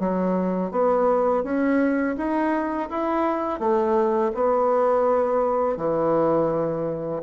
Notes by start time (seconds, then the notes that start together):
0.00 F#3
0.72 B3
1.44 C#4
2.18 D#4
2.90 E4
3.60 A3
4.35 B3
5.77 E3